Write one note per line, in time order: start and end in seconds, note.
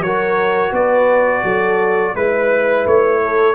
0.00 0.71 F#3
0.00 2.16 F#4
0.00 0.73 A#4
0.00 0.73 C#5
0.72 1.43 B3
0.72 1.43 B4
0.72 2.16 D5
1.44 2.14 F#3
1.44 2.15 A4
2.15 2.86 G#3
2.15 3.55 E4
2.15 2.86 B4
2.15 3.22 B4
2.86 3.55 A3
2.86 3.55 C#5
3.22 3.55 A4